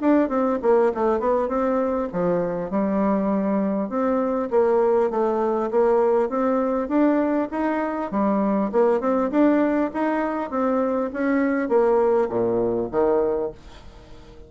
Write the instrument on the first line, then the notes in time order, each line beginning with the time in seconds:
bassoon
0.00 D4
0.28 C4
0.62 A#3
0.94 A3
1.19 B3
1.48 C4
2.12 F3
2.70 G3
3.89 C4
4.50 A#3
5.10 A3
5.70 A#3
6.29 C4
6.88 D4
7.51 D#4
8.11 G3
8.72 A#3
9.00 C4
9.30 D4
9.93 D#4
10.50 C4
11.13 C#4
11.68 A#3
12.29 A#2
12.91 D#3